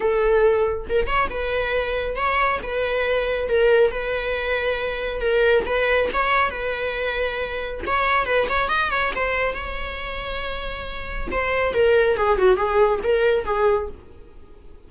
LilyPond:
\new Staff \with { instrumentName = "viola" } { \time 4/4 \tempo 4 = 138 a'2 ais'8 cis''8 b'4~ | b'4 cis''4 b'2 | ais'4 b'2. | ais'4 b'4 cis''4 b'4~ |
b'2 cis''4 b'8 cis''8 | dis''8 cis''8 c''4 cis''2~ | cis''2 c''4 ais'4 | gis'8 fis'8 gis'4 ais'4 gis'4 | }